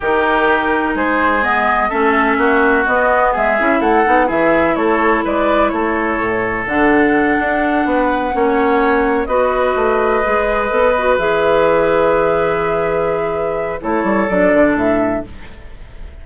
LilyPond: <<
  \new Staff \with { instrumentName = "flute" } { \time 4/4 \tempo 4 = 126 ais'2 c''4 dis''4 | e''2 dis''4 e''4 | fis''4 e''4 cis''4 d''4 | cis''2 fis''2~ |
fis''2.~ fis''8 dis''8~ | dis''2.~ dis''8 e''8~ | e''1~ | e''4 cis''4 d''4 e''4 | }
  \new Staff \with { instrumentName = "oboe" } { \time 4/4 g'2 gis'2 | a'4 fis'2 gis'4 | a'4 gis'4 a'4 b'4 | a'1~ |
a'8 b'4 cis''2 b'8~ | b'1~ | b'1~ | b'4 a'2. | }
  \new Staff \with { instrumentName = "clarinet" } { \time 4/4 dis'2. b4 | cis'2 b4. e'8~ | e'8 dis'8 e'2.~ | e'2 d'2~ |
d'4. cis'2 fis'8~ | fis'4. gis'4 a'8 fis'8 gis'8~ | gis'1~ | gis'4 e'4 d'2 | }
  \new Staff \with { instrumentName = "bassoon" } { \time 4/4 dis2 gis2 | a4 ais4 b4 gis8 cis'8 | a8 b8 e4 a4 gis4 | a4 a,4 d4. d'8~ |
d'8 b4 ais2 b8~ | b8 a4 gis4 b4 e8~ | e1~ | e4 a8 g8 fis8 d8 a,4 | }
>>